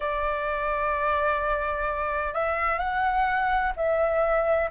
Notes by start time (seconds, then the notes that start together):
0.00 D5
2.33 E5
2.79 F#5
3.76 E5